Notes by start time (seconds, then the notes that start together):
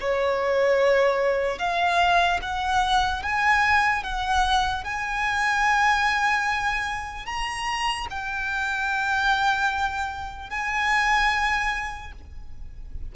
0.00 C#5
1.59 F5
2.42 F#5
3.22 G#5
4.03 F#5
4.84 G#5
7.26 A#5
8.10 G5
10.50 G#5